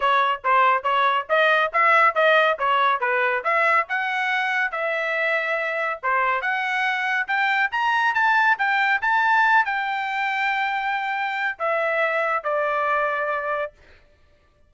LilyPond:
\new Staff \with { instrumentName = "trumpet" } { \time 4/4 \tempo 4 = 140 cis''4 c''4 cis''4 dis''4 | e''4 dis''4 cis''4 b'4 | e''4 fis''2 e''4~ | e''2 c''4 fis''4~ |
fis''4 g''4 ais''4 a''4 | g''4 a''4. g''4.~ | g''2. e''4~ | e''4 d''2. | }